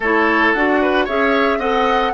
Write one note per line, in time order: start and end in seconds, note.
0.00 0.53 A3
0.00 0.56 E4
0.00 0.80 A4
0.00 0.53 C#5
0.53 1.07 D4
0.53 1.07 F#4
0.53 1.06 F#5
0.81 1.04 B4
1.04 1.58 C#4
1.04 1.60 G#4
1.04 1.58 C#5
1.04 1.59 E5
1.58 2.12 C4
1.58 2.13 A4
1.58 2.12 D#5
1.58 2.13 F#5